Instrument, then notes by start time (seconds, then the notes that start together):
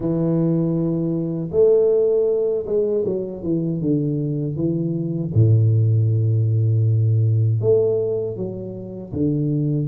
tuba
0.00 E3
1.51 A3
2.66 G#3
3.05 F#3
3.42 E3
3.80 D3
4.56 E3
5.34 A2
7.60 A3
8.36 F#3
9.12 D3